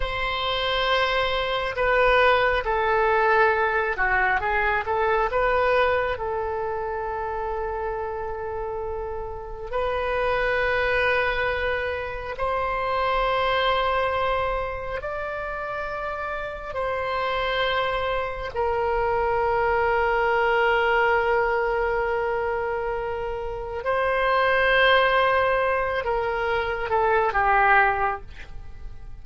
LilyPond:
\new Staff \with { instrumentName = "oboe" } { \time 4/4 \tempo 4 = 68 c''2 b'4 a'4~ | a'8 fis'8 gis'8 a'8 b'4 a'4~ | a'2. b'4~ | b'2 c''2~ |
c''4 d''2 c''4~ | c''4 ais'2.~ | ais'2. c''4~ | c''4. ais'4 a'8 g'4 | }